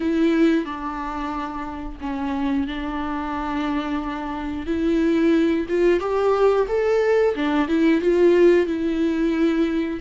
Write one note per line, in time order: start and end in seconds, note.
0.00 0.65 E4
0.65 1.98 D4
2.00 2.67 C#4
2.67 4.66 D4
4.66 5.66 E4
5.68 6.00 F4
6.00 6.66 G4
6.68 7.35 A4
7.35 7.68 D4
7.68 8.01 E4
8.01 8.66 F4
8.66 9.99 E4